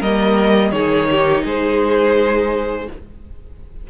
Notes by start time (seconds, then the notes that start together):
0.00 G3 A#3 A#4 D#5
0.72 D#3 D#4 G#4 C#5
1.11 G4
1.45 G#3 G#4 C5